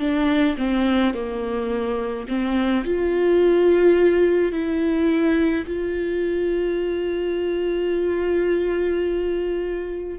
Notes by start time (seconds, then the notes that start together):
0.00 D4
0.58 C4
1.14 A#3
2.28 C4
2.85 F4
4.52 E4
5.67 F4